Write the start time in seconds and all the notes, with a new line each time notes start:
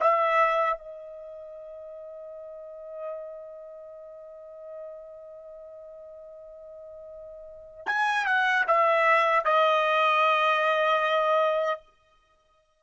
0.00 E5
0.78 D#5
7.87 G#5
8.26 F#5
8.67 E5
9.45 D#5